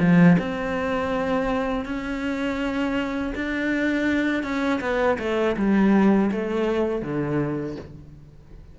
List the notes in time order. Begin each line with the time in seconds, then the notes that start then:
0.00 F3
0.39 C4
1.86 C#4
3.35 D4
4.43 C#4
4.81 B3
5.19 A3
5.57 G3
6.32 A3
7.02 D3